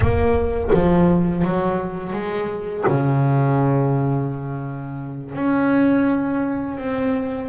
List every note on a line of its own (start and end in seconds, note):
0.00 0.70 A#3
0.73 1.44 F3
1.44 2.12 F#3
2.12 2.84 G#3
2.87 5.34 C#3
5.34 6.77 C#4
6.77 7.48 C4